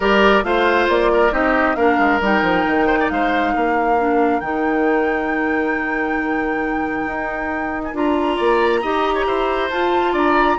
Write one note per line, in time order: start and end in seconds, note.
0.00 0.43 G3
0.00 0.43 G4
0.00 0.43 A#4
0.00 0.44 D5
0.43 0.87 A3
0.43 1.31 F4
0.43 1.11 C5
0.43 0.88 F5
0.89 1.32 A#3
0.89 1.33 D5
1.12 1.32 A#4
1.31 1.75 C4
1.31 1.75 D#4
1.31 1.76 G4
1.31 1.75 D#5
1.75 1.97 A#3
1.75 2.20 D4
1.75 2.87 A#4
1.75 2.19 F5
1.98 2.20 G#3
2.20 2.42 G3
2.20 3.98 D#4
2.20 3.09 G5
2.42 2.64 F3
2.66 3.10 D#3
2.87 2.98 C5
3.00 3.11 D5
3.09 3.54 G#3
3.09 3.53 C5
3.09 4.40 F5
3.53 4.41 A#3
3.53 8.36 A#4
3.98 4.41 D4
4.40 7.06 D#3
4.40 7.94 D#4
4.40 7.82 G5
7.06 7.93 D#4
7.83 7.94 G#5
7.93 8.37 D4
7.93 8.82 F4
7.93 9.70 A#5
8.36 8.83 A#3
8.36 8.80 D5
8.82 9.26 D#4
8.82 9.71 G4
8.82 9.14 D#5
9.14 9.25 C#5
9.26 9.70 E4
9.26 10.12 C5
9.70 10.13 F4
9.70 10.58 F4
9.70 10.14 A5
10.12 10.57 D4
10.12 10.56 D5
10.12 10.58 A#5